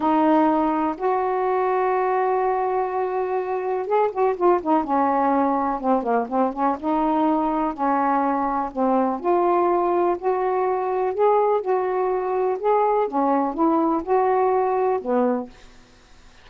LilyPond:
\new Staff \with { instrumentName = "saxophone" } { \time 4/4 \tempo 4 = 124 dis'2 fis'2~ | fis'1 | gis'8 fis'8 f'8 dis'8 cis'2 | c'8 ais8 c'8 cis'8 dis'2 |
cis'2 c'4 f'4~ | f'4 fis'2 gis'4 | fis'2 gis'4 cis'4 | e'4 fis'2 b4 | }